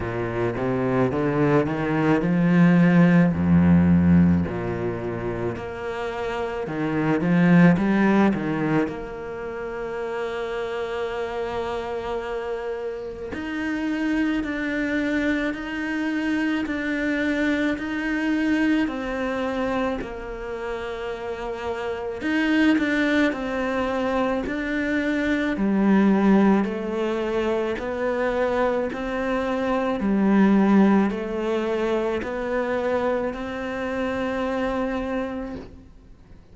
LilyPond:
\new Staff \with { instrumentName = "cello" } { \time 4/4 \tempo 4 = 54 ais,8 c8 d8 dis8 f4 f,4 | ais,4 ais4 dis8 f8 g8 dis8 | ais1 | dis'4 d'4 dis'4 d'4 |
dis'4 c'4 ais2 | dis'8 d'8 c'4 d'4 g4 | a4 b4 c'4 g4 | a4 b4 c'2 | }